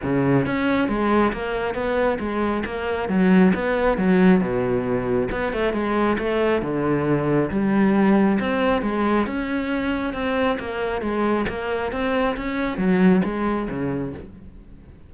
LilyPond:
\new Staff \with { instrumentName = "cello" } { \time 4/4 \tempo 4 = 136 cis4 cis'4 gis4 ais4 | b4 gis4 ais4 fis4 | b4 fis4 b,2 | b8 a8 gis4 a4 d4~ |
d4 g2 c'4 | gis4 cis'2 c'4 | ais4 gis4 ais4 c'4 | cis'4 fis4 gis4 cis4 | }